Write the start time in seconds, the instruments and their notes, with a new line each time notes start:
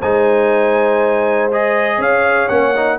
0.00 tuba G#3, trombone D#4, horn C5, trumpet G#5
1.52 trombone G#4, trumpet D#5
1.97 tuba C#4, horn C#5, trumpet F5
2.48 tuba A#3, trombone C#4, trumpet F#5
2.76 trombone D#4